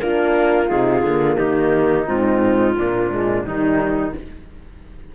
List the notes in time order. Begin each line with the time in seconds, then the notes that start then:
0.00 A#3 D4 F4 A#4
0.68 C3 D#4 G#4
1.02 D3 A#3
1.37 D#3 D#4 G4
2.06 G#2 C4 F4
2.76 A#2 A#3 D4
3.11 G#3
3.45 D#3 G3 D#4